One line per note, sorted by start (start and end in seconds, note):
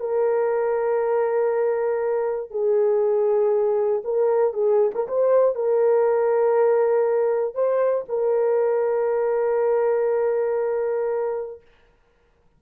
0.00 2.51 A#4
2.51 4.02 G#4
4.04 4.54 A#4
4.54 4.92 G#4
4.95 5.07 A#4
5.08 5.55 C5
5.55 7.55 A#4
7.55 8.05 C5
8.09 11.61 A#4